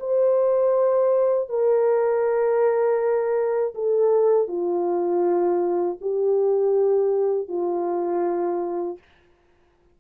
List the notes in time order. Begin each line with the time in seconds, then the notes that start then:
0.00 C5
1.49 A#4
3.75 A4
4.48 F4
6.01 G4
7.49 F4